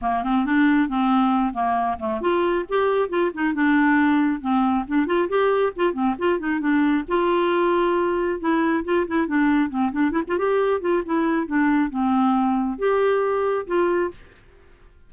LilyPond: \new Staff \with { instrumentName = "clarinet" } { \time 4/4 \tempo 4 = 136 ais8 c'8 d'4 c'4. ais8~ | ais8 a8 f'4 g'4 f'8 dis'8 | d'2 c'4 d'8 f'8 | g'4 f'8 c'8 f'8 dis'8 d'4 |
f'2. e'4 | f'8 e'8 d'4 c'8 d'8 e'16 f'16 g'8~ | g'8 f'8 e'4 d'4 c'4~ | c'4 g'2 f'4 | }